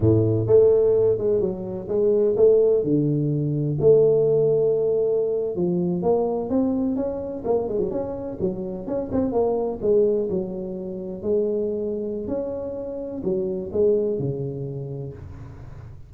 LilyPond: \new Staff \with { instrumentName = "tuba" } { \time 4/4 \tempo 4 = 127 a,4 a4. gis8 fis4 | gis4 a4 d2 | a2.~ a8. f16~ | f8. ais4 c'4 cis'4 ais16~ |
ais16 gis16 fis16 cis'4 fis4 cis'8 c'8 ais16~ | ais8. gis4 fis2 gis16~ | gis2 cis'2 | fis4 gis4 cis2 | }